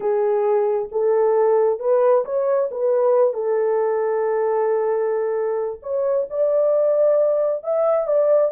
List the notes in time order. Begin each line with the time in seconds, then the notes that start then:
0.00 G#4
0.91 A4
1.79 B4
2.24 C#5
2.71 B4
3.33 A4
5.82 C#5
6.30 D5
7.63 E5
8.07 D5